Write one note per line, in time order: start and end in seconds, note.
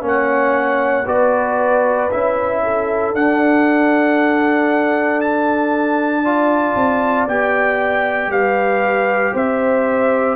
0.00 1.05 A#3
0.00 1.03 C#4
0.00 1.05 C#5
0.07 1.07 F#5
1.05 2.09 B3
1.05 2.09 F#4
1.05 2.61 B4
1.05 2.11 D5
2.11 3.12 C#4
2.11 3.14 E4
2.11 3.14 E5
2.63 6.23 A4
3.12 6.75 D4
3.12 6.24 D4
3.12 5.20 F#5
5.20 7.27 A5
6.23 7.28 F4
6.23 8.30 D5
6.75 7.27 C4
7.27 8.27 B3
7.27 10.36 G4
7.27 8.31 G5
8.27 9.30 G3
8.27 9.33 B4
8.27 9.34 F5
9.33 10.36 C4
9.33 10.36 C5
9.33 10.36 E5